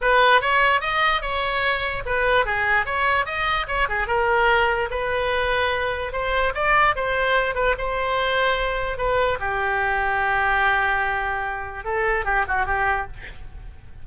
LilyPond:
\new Staff \with { instrumentName = "oboe" } { \time 4/4 \tempo 4 = 147 b'4 cis''4 dis''4 cis''4~ | cis''4 b'4 gis'4 cis''4 | dis''4 cis''8 gis'8 ais'2 | b'2. c''4 |
d''4 c''4. b'8 c''4~ | c''2 b'4 g'4~ | g'1~ | g'4 a'4 g'8 fis'8 g'4 | }